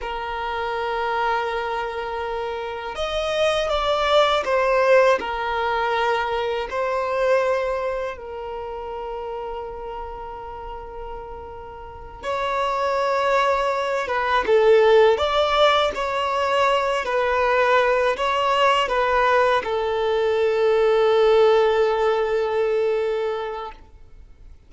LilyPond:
\new Staff \with { instrumentName = "violin" } { \time 4/4 \tempo 4 = 81 ais'1 | dis''4 d''4 c''4 ais'4~ | ais'4 c''2 ais'4~ | ais'1~ |
ais'8 cis''2~ cis''8 b'8 a'8~ | a'8 d''4 cis''4. b'4~ | b'8 cis''4 b'4 a'4.~ | a'1 | }